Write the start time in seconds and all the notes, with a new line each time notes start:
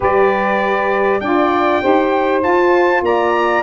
0.00 G3 G4 B4 D5
1.20 D4 F4 D5 G5
1.81 D#4 G4 C5
2.41 F4 A5
3.02 A#3 D5 A#5